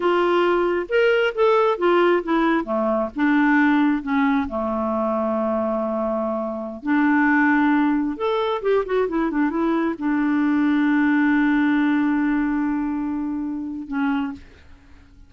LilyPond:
\new Staff \with { instrumentName = "clarinet" } { \time 4/4 \tempo 4 = 134 f'2 ais'4 a'4 | f'4 e'4 a4 d'4~ | d'4 cis'4 a2~ | a2.~ a16 d'8.~ |
d'2~ d'16 a'4 g'8 fis'16~ | fis'16 e'8 d'8 e'4 d'4.~ d'16~ | d'1~ | d'2. cis'4 | }